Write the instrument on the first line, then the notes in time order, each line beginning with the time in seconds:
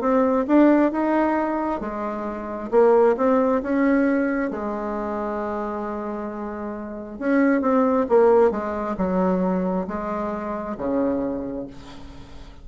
bassoon
0.00 C4
0.47 D4
0.92 D#4
1.80 G#3
2.71 A#3
3.16 C4
3.62 C#4
4.50 G#3
7.18 C#4
7.61 C4
8.08 A#3
8.51 G#3
8.97 F#3
9.87 G#3
10.77 C#3